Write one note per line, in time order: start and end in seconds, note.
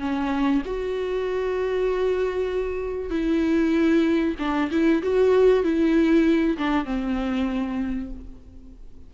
0.00 0.62 C#4
0.66 3.10 F#4
3.10 4.35 E4
4.39 4.70 D4
4.71 5.03 E4
5.03 5.64 F#4
5.64 6.57 E4
6.58 6.86 D4
6.86 8.11 C4